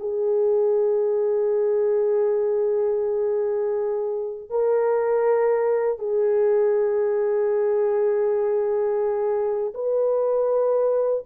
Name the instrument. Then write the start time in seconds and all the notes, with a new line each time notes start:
horn
0.00 G#4
4.50 A#4
5.98 G#4
9.74 B4